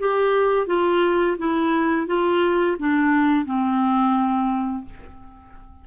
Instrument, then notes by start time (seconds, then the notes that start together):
clarinet
0.00 G4
0.67 F4
1.38 E4
2.07 F4
2.79 D4
3.45 C4